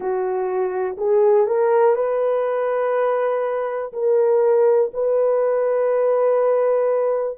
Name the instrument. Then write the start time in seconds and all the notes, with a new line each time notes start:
horn
0.00 F#4
0.97 G#4
1.46 A#4
1.95 B4
3.93 A#4
4.93 B4